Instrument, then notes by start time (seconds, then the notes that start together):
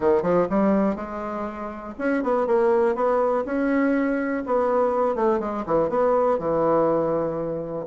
bassoon
0.00 D#3
0.22 F3
0.49 G3
0.95 G#3
1.98 C#4
2.23 B3
2.47 A#3
2.95 B3
3.45 C#4
4.46 B3
5.15 A3
5.39 G#3
5.66 E3
5.89 B3
6.38 E3